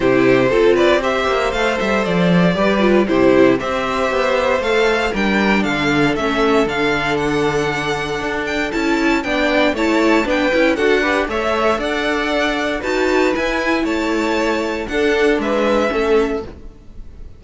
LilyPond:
<<
  \new Staff \with { instrumentName = "violin" } { \time 4/4 \tempo 4 = 117 c''4. d''8 e''4 f''8 e''8 | d''2 c''4 e''4~ | e''4 f''4 g''4 f''4 | e''4 f''4 fis''2~ |
fis''8 g''8 a''4 g''4 a''4 | g''4 fis''4 e''4 fis''4~ | fis''4 a''4 gis''4 a''4~ | a''4 fis''4 e''2 | }
  \new Staff \with { instrumentName = "violin" } { \time 4/4 g'4 a'8 b'8 c''2~ | c''4 b'4 g'4 c''4~ | c''2 ais'4 a'4~ | a'1~ |
a'2 d''4 cis''4 | b'4 a'8 b'8 cis''4 d''4~ | d''4 b'2 cis''4~ | cis''4 a'4 b'4 a'4 | }
  \new Staff \with { instrumentName = "viola" } { \time 4/4 e'4 f'4 g'4 a'4~ | a'4 g'8 f'8 e'4 g'4~ | g'4 a'4 d'2 | cis'4 d'2.~ |
d'4 e'4 d'4 e'4 | d'8 e'8 fis'8 g'8 a'2~ | a'4 fis'4 e'2~ | e'4 d'2 cis'4 | }
  \new Staff \with { instrumentName = "cello" } { \time 4/4 c4 c'4. ais8 a8 g8 | f4 g4 c4 c'4 | b4 a4 g4 d4 | a4 d2. |
d'4 cis'4 b4 a4 | b8 cis'8 d'4 a4 d'4~ | d'4 dis'4 e'4 a4~ | a4 d'4 gis4 a4 | }
>>